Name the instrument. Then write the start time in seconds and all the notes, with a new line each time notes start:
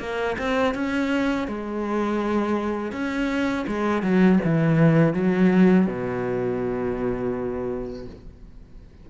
cello
0.00 A#3
0.39 C4
0.75 C#4
1.48 G#3
2.92 C#4
3.68 G#3
4.03 F#3
4.45 E3
5.14 F#3
5.87 B2